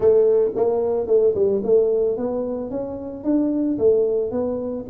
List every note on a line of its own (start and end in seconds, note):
0.00 0.51 A3
0.55 1.07 A#3
1.07 1.34 A3
1.35 1.62 G3
1.63 2.17 A3
2.17 2.70 B3
2.70 3.23 C#4
3.23 3.77 D4
3.78 4.31 A3
4.31 4.85 B3